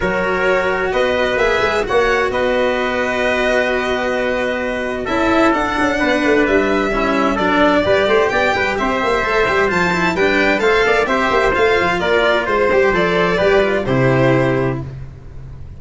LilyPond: <<
  \new Staff \with { instrumentName = "violin" } { \time 4/4 \tempo 4 = 130 cis''2 dis''4 e''4 | fis''4 dis''2.~ | dis''2. e''4 | fis''2 e''2 |
d''2 g''4 e''4~ | e''4 a''4 g''4 f''4 | e''4 f''4 d''4 c''4 | d''2 c''2 | }
  \new Staff \with { instrumentName = "trumpet" } { \time 4/4 ais'2 b'2 | cis''4 b'2.~ | b'2. a'4~ | a'4 b'2 e'4 |
a'4 b'8 c''8 d''8 b'8 c''4~ | c''2 b'4 c''8 d''8 | c''2 ais'4 c''4~ | c''4 b'4 g'2 | }
  \new Staff \with { instrumentName = "cello" } { \time 4/4 fis'2. gis'4 | fis'1~ | fis'2. e'4 | d'2. cis'4 |
d'4 g'2. | a'8 g'8 f'8 e'8 d'4 a'4 | g'4 f'2~ f'8 g'8 | a'4 g'8 f'8 e'2 | }
  \new Staff \with { instrumentName = "tuba" } { \time 4/4 fis2 b4 ais8 gis8 | ais4 b2.~ | b2. cis'4 | d'8 cis'8 b8 a8 g2 |
fis4 g8 a8 b8 g8 c'8 ais8 | a8 g8 f4 g4 a8 ais8 | c'8 ais8 a8 f8 ais4 gis8 g8 | f4 g4 c2 | }
>>